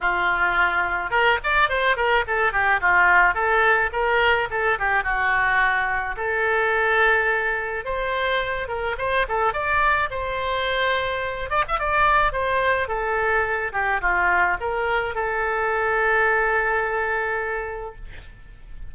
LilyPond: \new Staff \with { instrumentName = "oboe" } { \time 4/4 \tempo 4 = 107 f'2 ais'8 d''8 c''8 ais'8 | a'8 g'8 f'4 a'4 ais'4 | a'8 g'8 fis'2 a'4~ | a'2 c''4. ais'8 |
c''8 a'8 d''4 c''2~ | c''8 d''16 e''16 d''4 c''4 a'4~ | a'8 g'8 f'4 ais'4 a'4~ | a'1 | }